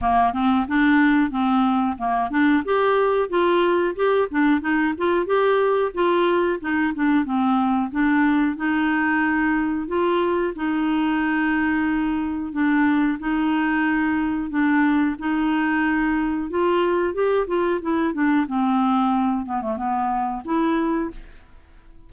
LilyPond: \new Staff \with { instrumentName = "clarinet" } { \time 4/4 \tempo 4 = 91 ais8 c'8 d'4 c'4 ais8 d'8 | g'4 f'4 g'8 d'8 dis'8 f'8 | g'4 f'4 dis'8 d'8 c'4 | d'4 dis'2 f'4 |
dis'2. d'4 | dis'2 d'4 dis'4~ | dis'4 f'4 g'8 f'8 e'8 d'8 | c'4. b16 a16 b4 e'4 | }